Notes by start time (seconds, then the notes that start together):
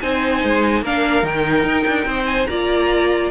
0.00 C4 D#4 C5 G#5
0.43 G#3
0.82 A#3 D4 A#4 F5
1.23 D#3 D#4 G5
1.63 D#4
1.87 D4
2.05 C4 C5
2.26 G#5
2.46 A#3 F4 D5 A#5